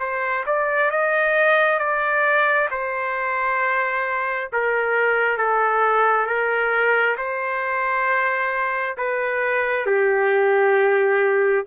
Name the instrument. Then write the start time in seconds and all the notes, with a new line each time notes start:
trumpet
0.00 C5
0.46 D5
0.91 D#5
1.80 D5
2.71 C5
4.53 A#4
5.38 A4
6.27 A#4
7.18 C5
8.98 B4
9.87 G4